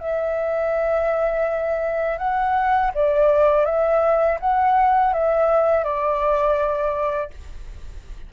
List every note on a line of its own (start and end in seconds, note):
0.00 2.19 E5
2.19 2.92 F#5
2.95 3.66 D5
3.66 4.39 E5
4.40 5.14 F#5
5.14 5.84 E5
5.84 7.31 D5